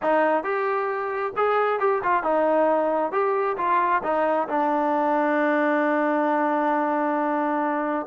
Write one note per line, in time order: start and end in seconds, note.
0.02 0.43 D#4
0.43 1.32 G4
1.36 1.79 G#4
1.79 2.01 G4
2.03 2.23 F4
2.23 3.12 D#4
3.12 3.56 G4
3.57 4.02 F4
4.03 4.48 D#4
4.48 8.06 D4